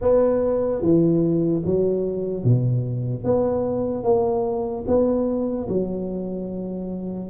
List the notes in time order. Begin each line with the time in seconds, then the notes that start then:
0.01 B3
0.81 E3
1.65 F#3
2.43 B2
3.24 B3
4.03 A#3
4.86 B3
5.68 F#3